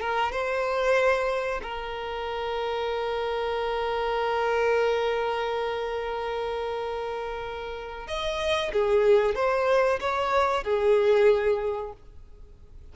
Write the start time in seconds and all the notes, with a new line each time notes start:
0.00 A#4
0.32 C5
1.62 A#4
8.07 D#5
8.72 G#4
9.35 C5
10.00 C#5
10.64 G#4